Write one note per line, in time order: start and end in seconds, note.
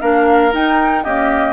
0.00 0.53 A#3
0.00 0.51 D4
0.00 1.03 A#4
0.00 0.53 F5
0.51 1.04 D#4
0.51 1.05 D#4
0.51 1.04 G5
1.03 1.53 A#3
1.03 1.53 C#4
1.03 1.53 G4
1.03 1.53 D#5